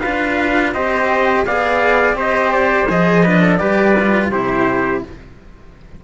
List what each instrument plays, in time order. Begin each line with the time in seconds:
0.00 cello D4 F4, trumpet B4 F5
0.73 cello C4 G4, trumpet C5 D#5
1.46 cello B3 G#4, trumpet D5 F5
2.13 cello C4 G4, trumpet C5
2.19 trumpet D#5
2.52 trumpet D5
2.89 cello F3 G#4, trumpet D#5
3.24 cello D4, trumpet B4
3.42 trumpet A4
3.57 cello G3 G4, trumpet B4 D5
3.99 cello F4
4.31 cello C3 E4, trumpet G4 C5